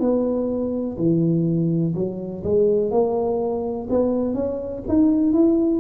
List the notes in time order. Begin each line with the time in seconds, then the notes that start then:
0.00 B3
0.98 E3
1.94 F#3
2.43 G#3
2.91 A#3
3.90 B3
4.35 C#4
4.88 D#4
5.33 E4